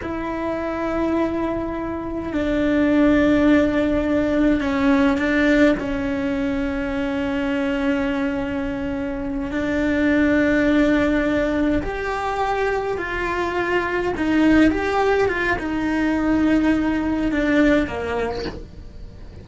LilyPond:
\new Staff \with { instrumentName = "cello" } { \time 4/4 \tempo 4 = 104 e'1 | d'1 | cis'4 d'4 cis'2~ | cis'1~ |
cis'8 d'2.~ d'8~ | d'8 g'2 f'4.~ | f'8 dis'4 g'4 f'8 dis'4~ | dis'2 d'4 ais4 | }